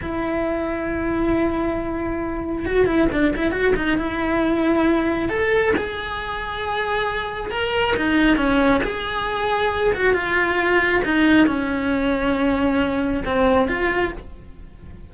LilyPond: \new Staff \with { instrumentName = "cello" } { \time 4/4 \tempo 4 = 136 e'1~ | e'2 fis'8 e'8 d'8 e'8 | fis'8 dis'8 e'2. | a'4 gis'2.~ |
gis'4 ais'4 dis'4 cis'4 | gis'2~ gis'8 fis'8 f'4~ | f'4 dis'4 cis'2~ | cis'2 c'4 f'4 | }